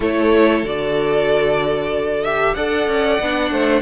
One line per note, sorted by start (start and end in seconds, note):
0.00 0.62 A3
0.00 0.64 E4
0.00 2.55 A4
0.00 0.65 C#5
0.62 2.54 D3
0.62 2.24 F#4
0.62 2.23 D5
2.23 2.56 G4
2.23 2.53 E5
2.53 2.87 D4
2.53 3.20 A4
2.53 3.51 D5
2.53 3.81 F#5
2.87 3.19 C#4
3.19 3.51 B3
3.19 3.81 D4
3.51 3.81 A3
3.51 3.81 C5